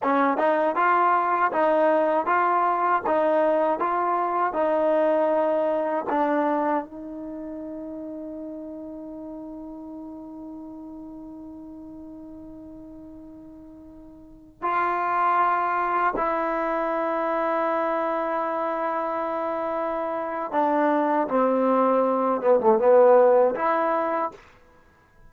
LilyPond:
\new Staff \with { instrumentName = "trombone" } { \time 4/4 \tempo 4 = 79 cis'8 dis'8 f'4 dis'4 f'4 | dis'4 f'4 dis'2 | d'4 dis'2.~ | dis'1~ |
dis'2.~ dis'16 f'8.~ | f'4~ f'16 e'2~ e'8.~ | e'2. d'4 | c'4. b16 a16 b4 e'4 | }